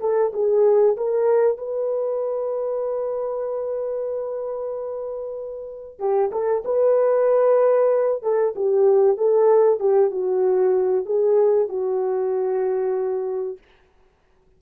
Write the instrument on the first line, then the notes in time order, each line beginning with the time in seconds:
horn
0.00 A4
0.33 G#4
0.96 A#4
1.57 B4
5.99 G4
6.31 A4
6.64 B4
8.22 A4
8.56 G4
9.17 A4
9.79 G4
10.10 F#4
11.05 G#4
11.68 F#4